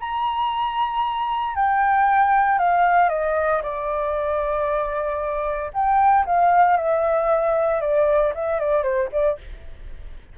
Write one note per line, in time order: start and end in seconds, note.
0.00 1.55 A#5
1.55 2.58 G5
2.58 3.09 F5
3.09 3.61 D#5
3.63 5.71 D5
5.73 6.25 G5
6.26 6.77 F5
6.77 7.81 E5
7.81 8.33 D5
8.34 8.60 E5
8.60 8.83 D5
8.83 9.09 C5
9.12 9.38 D5